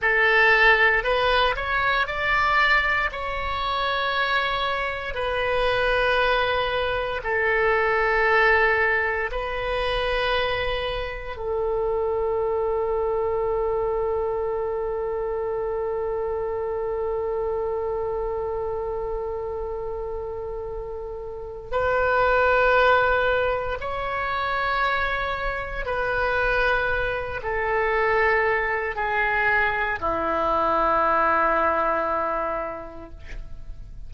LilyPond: \new Staff \with { instrumentName = "oboe" } { \time 4/4 \tempo 4 = 58 a'4 b'8 cis''8 d''4 cis''4~ | cis''4 b'2 a'4~ | a'4 b'2 a'4~ | a'1~ |
a'1~ | a'4 b'2 cis''4~ | cis''4 b'4. a'4. | gis'4 e'2. | }